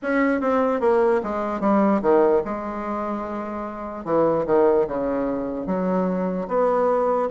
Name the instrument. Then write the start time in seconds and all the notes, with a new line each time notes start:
bassoon
0.02 C#4
0.40 C4
0.80 A#3
1.23 G#3
1.60 G3
2.02 D#3
2.44 G#3
4.04 E3
4.46 D#3
4.87 C#3
5.66 F#3
6.48 B3